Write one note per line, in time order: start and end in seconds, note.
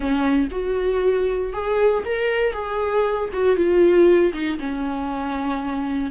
0.00 0.48 C#4
0.51 1.52 F#4
1.52 2.03 G#4
2.05 2.53 A#4
2.53 3.29 G#4
3.32 3.56 F#4
3.56 4.32 F4
4.33 4.58 D#4
4.59 6.11 C#4